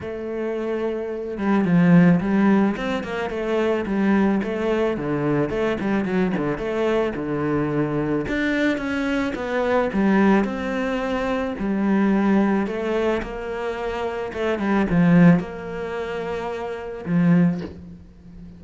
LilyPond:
\new Staff \with { instrumentName = "cello" } { \time 4/4 \tempo 4 = 109 a2~ a8 g8 f4 | g4 c'8 ais8 a4 g4 | a4 d4 a8 g8 fis8 d8 | a4 d2 d'4 |
cis'4 b4 g4 c'4~ | c'4 g2 a4 | ais2 a8 g8 f4 | ais2. f4 | }